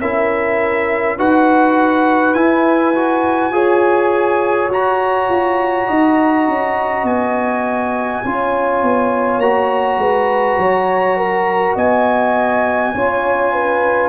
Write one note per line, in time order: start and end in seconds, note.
0.00 1.18 C#4
0.00 1.19 E4
0.00 1.18 A#4
0.00 1.18 E5
1.18 2.35 D#4
1.18 2.36 F#4
1.18 3.54 B4
1.18 2.34 F#5
2.34 3.50 E4
2.34 2.94 E4
2.34 4.69 G#5
2.95 3.52 F#4
3.50 4.68 F4
3.50 4.70 G#4
3.50 5.88 C#5
4.69 5.27 F#4
4.69 8.25 F#4
4.69 7.07 A#5
5.29 5.88 F4
5.88 6.47 D#4
5.88 8.23 D#5
6.47 7.03 C#4
7.03 8.21 B3
7.03 9.40 G#5
8.24 8.83 C#4
8.24 9.42 F4
8.24 10.00 C#5
8.83 9.38 B3
9.38 9.97 A#3
9.38 12.95 F#4
9.38 11.75 A#5
9.97 10.56 G#3
9.97 10.59 B4
10.58 11.75 F#3
10.58 11.17 C#5
11.17 11.75 A#4
11.75 12.94 B3
11.75 12.93 D#5
11.75 14.09 G#5
12.94 14.09 C#4
12.94 14.09 F4
12.94 13.53 C#5
13.53 14.09 B4